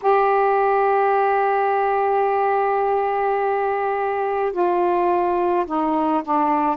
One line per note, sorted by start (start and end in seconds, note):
0.02 4.52 G4
4.52 5.65 F4
5.66 6.22 D#4
6.24 6.76 D4